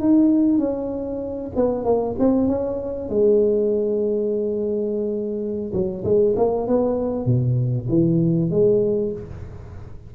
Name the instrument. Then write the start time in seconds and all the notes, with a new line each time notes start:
tuba
0.00 D#4
0.58 C#4
1.56 B3
1.84 A#3
2.19 C4
2.47 C#4
3.09 G#3
5.73 F#3
6.04 G#3
6.37 A#3
6.67 B3
7.26 B2
7.89 E3
8.50 G#3